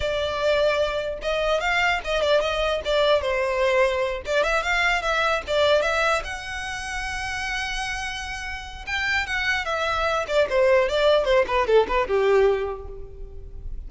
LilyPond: \new Staff \with { instrumentName = "violin" } { \time 4/4 \tempo 4 = 149 d''2. dis''4 | f''4 dis''8 d''8 dis''4 d''4 | c''2~ c''8 d''8 e''8 f''8~ | f''8 e''4 d''4 e''4 fis''8~ |
fis''1~ | fis''2 g''4 fis''4 | e''4. d''8 c''4 d''4 | c''8 b'8 a'8 b'8 g'2 | }